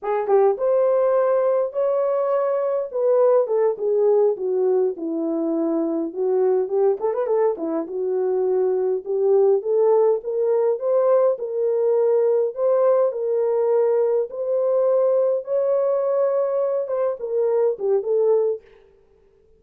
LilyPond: \new Staff \with { instrumentName = "horn" } { \time 4/4 \tempo 4 = 103 gis'8 g'8 c''2 cis''4~ | cis''4 b'4 a'8 gis'4 fis'8~ | fis'8 e'2 fis'4 g'8 | a'16 b'16 a'8 e'8 fis'2 g'8~ |
g'8 a'4 ais'4 c''4 ais'8~ | ais'4. c''4 ais'4.~ | ais'8 c''2 cis''4.~ | cis''4 c''8 ais'4 g'8 a'4 | }